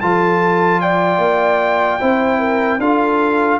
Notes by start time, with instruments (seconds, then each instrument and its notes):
0.00 tuba F3, trombone F4, horn A4, trumpet A5
0.80 horn D5, trumpet G5
1.18 tuba A#3
2.00 tuba C4, trombone E4, horn C5
2.39 horn A#4
2.78 tuba D4, trombone F4, horn A4, trumpet F5